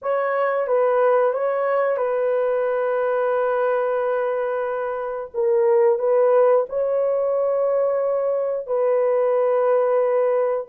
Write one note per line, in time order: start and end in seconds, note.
0.02 0.67 C#5
0.67 1.33 B4
1.33 1.97 C#5
1.97 5.30 B4
5.33 5.98 A#4
5.98 6.65 B4
6.68 8.66 C#5
8.66 10.66 B4